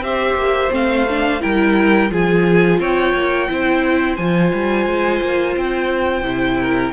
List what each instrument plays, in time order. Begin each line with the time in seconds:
0.00 cello C4, viola G4, violin C5 E5
0.35 cello A#3
0.71 cello A3, viola C4, violin F5
1.10 viola D4
1.41 cello G3, viola E4, violin A#4 G5
2.11 cello F3, viola F4, violin G#4 G#5
2.80 cello C4, violin C#5 G5
3.14 cello A#3
3.49 cello C4, viola E4, violin C5
4.17 cello F3, viola F4, violin G#5
4.54 cello G3
4.87 cello G#3
5.22 cello A#3
5.57 cello C4, violin G5
6.22 cello C3, viola E4
6.61 violin A#4